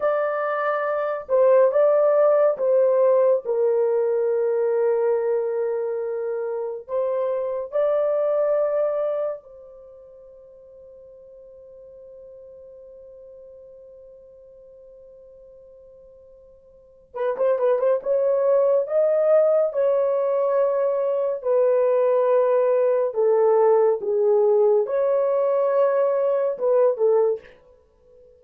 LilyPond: \new Staff \with { instrumentName = "horn" } { \time 4/4 \tempo 4 = 70 d''4. c''8 d''4 c''4 | ais'1 | c''4 d''2 c''4~ | c''1~ |
c''1 | b'16 c''16 b'16 c''16 cis''4 dis''4 cis''4~ | cis''4 b'2 a'4 | gis'4 cis''2 b'8 a'8 | }